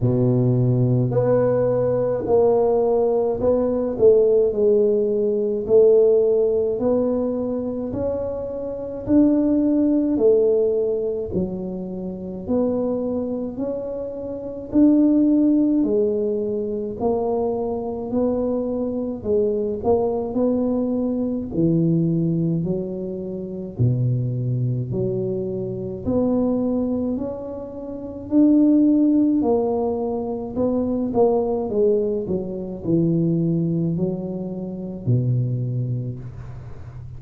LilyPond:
\new Staff \with { instrumentName = "tuba" } { \time 4/4 \tempo 4 = 53 b,4 b4 ais4 b8 a8 | gis4 a4 b4 cis'4 | d'4 a4 fis4 b4 | cis'4 d'4 gis4 ais4 |
b4 gis8 ais8 b4 e4 | fis4 b,4 fis4 b4 | cis'4 d'4 ais4 b8 ais8 | gis8 fis8 e4 fis4 b,4 | }